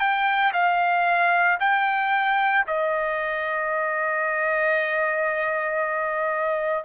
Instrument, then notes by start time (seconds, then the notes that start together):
trumpet
0.00 G5
0.53 F5
1.60 G5
2.67 D#5